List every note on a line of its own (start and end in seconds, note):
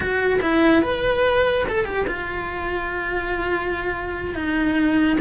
0.00 0.39 F#4
0.41 0.82 E4
0.82 1.65 B4
1.69 1.85 A4
1.85 2.06 G4
2.07 4.34 F4
4.34 5.17 D#4